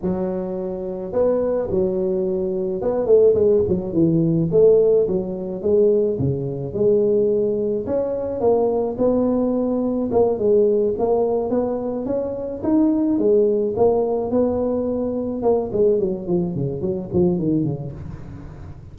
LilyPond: \new Staff \with { instrumentName = "tuba" } { \time 4/4 \tempo 4 = 107 fis2 b4 fis4~ | fis4 b8 a8 gis8 fis8 e4 | a4 fis4 gis4 cis4 | gis2 cis'4 ais4 |
b2 ais8 gis4 ais8~ | ais8 b4 cis'4 dis'4 gis8~ | gis8 ais4 b2 ais8 | gis8 fis8 f8 cis8 fis8 f8 dis8 cis8 | }